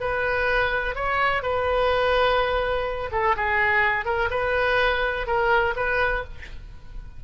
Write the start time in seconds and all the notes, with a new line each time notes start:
0.00 B4
0.95 C#5
1.42 B4
3.11 A4
3.36 G#4
4.05 A#4
4.30 B4
5.26 A#4
5.76 B4